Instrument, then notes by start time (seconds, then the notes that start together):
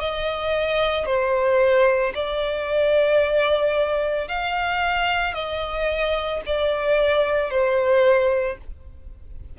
violin
0.00 D#5
1.06 C5
2.15 D5
4.29 F5
5.34 D#5
6.46 D5
7.50 C5